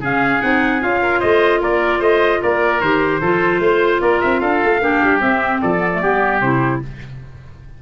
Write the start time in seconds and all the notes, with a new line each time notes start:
0.00 C#3 C#4 G#4 F5
0.41 C4 D#4 F#5
0.81 C#4 F4 F5
1.02 A#4
1.20 A3 C5 D#5
1.61 A#3 A#4 D5
2.00 A3 C5 D#5
2.42 A#3 A#4 D5
2.81 D#3 G4 C5
3.21 F3 F4 A4
3.60 A3 C5
4.01 A#3 A#4 D5
4.21 C4 E5
4.40 D4 A4 F5
4.64 A3
4.81 A#3 D4 G4
5.03 G3
5.21 C4 E5
5.62 F3 A4 D5
5.78 B3
5.93 A3
6.02 G3 B3 G4
6.41 C3 E4 C5